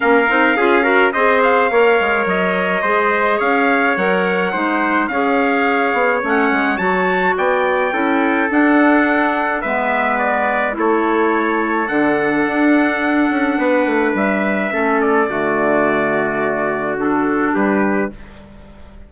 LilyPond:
<<
  \new Staff \with { instrumentName = "trumpet" } { \time 4/4 \tempo 4 = 106 f''2 dis''8 f''4. | dis''2 f''4 fis''4~ | fis''4 f''2 fis''4 | a''4 g''2 fis''4~ |
fis''4 e''4 d''4 cis''4~ | cis''4 fis''2.~ | fis''4 e''4. d''4.~ | d''2 a'4 b'4 | }
  \new Staff \with { instrumentName = "trumpet" } { \time 4/4 ais'4 gis'8 ais'8 c''4 cis''4~ | cis''4 c''4 cis''2 | c''4 cis''2.~ | cis''4 d''4 a'2~ |
a'4 b'2 a'4~ | a'1 | b'2 a'4 fis'4~ | fis'2. g'4 | }
  \new Staff \with { instrumentName = "clarinet" } { \time 4/4 cis'8 dis'8 f'8 fis'8 gis'4 ais'4~ | ais'4 gis'2 ais'4 | dis'4 gis'2 cis'4 | fis'2 e'4 d'4~ |
d'4 b2 e'4~ | e'4 d'2.~ | d'2 cis'4 a4~ | a2 d'2 | }
  \new Staff \with { instrumentName = "bassoon" } { \time 4/4 ais8 c'8 cis'4 c'4 ais8 gis8 | fis4 gis4 cis'4 fis4 | gis4 cis'4. b8 a8 gis8 | fis4 b4 cis'4 d'4~ |
d'4 gis2 a4~ | a4 d4 d'4. cis'8 | b8 a8 g4 a4 d4~ | d2. g4 | }
>>